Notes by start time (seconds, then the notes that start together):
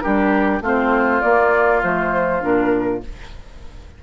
0.00 G3 D4 G4 A#4
0.61 A3 C4 F4
0.67 C5
1.21 A#3 D5
1.82 F3 A3 C5
2.40 A#2 D4 A#4